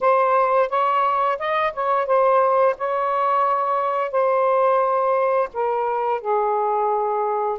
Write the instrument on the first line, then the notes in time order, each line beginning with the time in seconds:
saxophone
0.00 C5
0.69 C#5
1.38 D#5
1.73 C#5
2.06 C5
2.77 C#5
4.11 C5
5.53 A#4
6.20 G#4